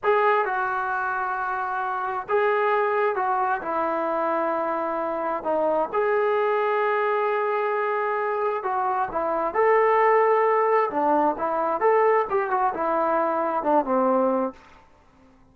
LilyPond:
\new Staff \with { instrumentName = "trombone" } { \time 4/4 \tempo 4 = 132 gis'4 fis'2.~ | fis'4 gis'2 fis'4 | e'1 | dis'4 gis'2.~ |
gis'2. fis'4 | e'4 a'2. | d'4 e'4 a'4 g'8 fis'8 | e'2 d'8 c'4. | }